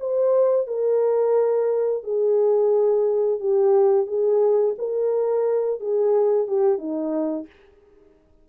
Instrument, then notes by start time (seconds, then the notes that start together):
horn
0.00 C5
0.68 A#4
2.04 G#4
3.41 G4
4.07 G#4
4.79 A#4
5.81 G#4
6.48 G4
6.78 D#4